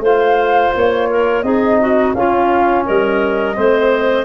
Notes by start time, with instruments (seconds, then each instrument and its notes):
0.00 tuba A3, trombone F4, clarinet C5, flute F5
0.75 tuba A#3, flute C#5
1.10 clarinet A#4
1.42 tuba C4, trombone D#4, clarinet G#4, flute D#5
1.81 clarinet F#4
2.14 tuba C#4, trombone C#4, clarinet F4, flute F5
2.85 tuba G3, clarinet A#4, flute D#5
3.55 tuba A3, trombone C4, clarinet C5